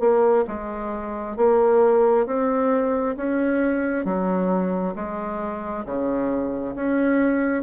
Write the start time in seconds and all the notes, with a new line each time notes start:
0.00 A#3
0.48 G#3
1.37 A#3
2.26 C4
3.17 C#4
4.05 F#3
4.95 G#3
5.86 C#3
6.76 C#4